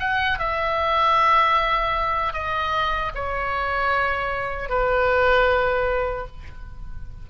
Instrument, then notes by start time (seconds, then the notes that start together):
oboe
0.00 F#5
0.39 E5
2.34 D#5
3.15 C#5
4.69 B4